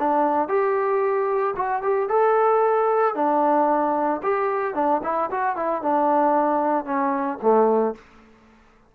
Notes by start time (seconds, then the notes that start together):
0.00 D4
0.49 G4
1.57 F#4
1.83 G4
2.09 A4
3.15 D4
4.23 G4
4.75 D4
5.04 E4
5.31 F#4
5.57 E4
5.83 D4
6.85 C#4
7.42 A3